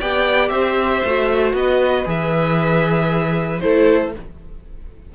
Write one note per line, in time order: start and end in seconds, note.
0.00 0.50 B3
0.00 1.05 G4
0.00 0.52 D5
0.00 0.49 G5
0.49 1.02 C4
0.49 1.55 C5
0.49 1.52 E5
1.05 1.54 A3
1.05 2.05 F#4
1.54 2.05 B3
1.54 3.62 B4
1.54 2.08 D#5
2.05 3.62 E3
2.05 3.61 G#4
2.05 3.61 E5
3.61 4.16 A3
3.61 4.13 E4
3.61 4.14 A4
3.61 4.12 C5